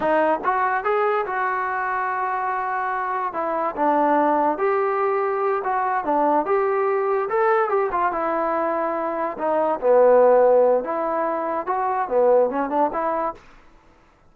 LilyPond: \new Staff \with { instrumentName = "trombone" } { \time 4/4 \tempo 4 = 144 dis'4 fis'4 gis'4 fis'4~ | fis'1 | e'4 d'2 g'4~ | g'4. fis'4 d'4 g'8~ |
g'4. a'4 g'8 f'8 e'8~ | e'2~ e'8 dis'4 b8~ | b2 e'2 | fis'4 b4 cis'8 d'8 e'4 | }